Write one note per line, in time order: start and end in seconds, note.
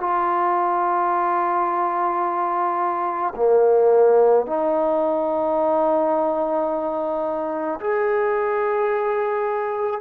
0.00 3.33 F4
3.35 4.46 A#3
4.46 7.80 D#4
7.80 10.01 G#4